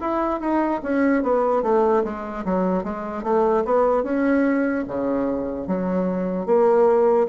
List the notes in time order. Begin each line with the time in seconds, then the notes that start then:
0.00 E4
0.40 D#4
0.83 C#4
1.22 B3
1.62 A3
2.03 G#3
2.44 F#3
2.83 G#3
3.23 A3
3.64 B3
4.03 C#4
4.87 C#3
5.67 F#3
6.46 A#3